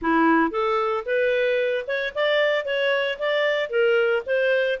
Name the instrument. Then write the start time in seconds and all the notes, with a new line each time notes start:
clarinet
0.01 E4
0.50 A4
1.05 B4
1.87 C#5
2.15 D5
2.65 C#5
3.19 D5
3.69 A#4
4.26 C5